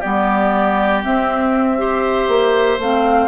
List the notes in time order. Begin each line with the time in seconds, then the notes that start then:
0.00 G3 B3 G4 D5
1.02 C4 E5
1.78 G4 C5
2.28 A#3
2.79 A3 C4 F5